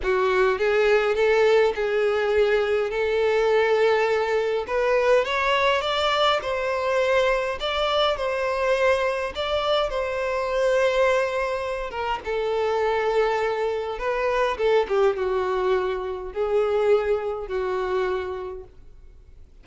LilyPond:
\new Staff \with { instrumentName = "violin" } { \time 4/4 \tempo 4 = 103 fis'4 gis'4 a'4 gis'4~ | gis'4 a'2. | b'4 cis''4 d''4 c''4~ | c''4 d''4 c''2 |
d''4 c''2.~ | c''8 ais'8 a'2. | b'4 a'8 g'8 fis'2 | gis'2 fis'2 | }